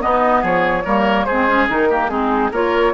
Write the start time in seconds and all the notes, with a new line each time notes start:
0.00 B3 D#4 D#5
0.42 F3 G#4 C#5
0.85 G3 A#3 A#4
1.25 G#3 C4 G#4 C5
1.47 C#4
1.69 D#3 D#4 A#4
1.89 A#3 G4
2.09 G#3 C4 D#4 G#4
2.51 A#3 F4 A#4 C#5